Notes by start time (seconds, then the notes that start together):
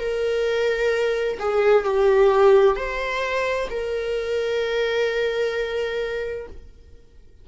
0.00 A#4
1.40 G#4
1.85 G4
2.77 C5
3.70 A#4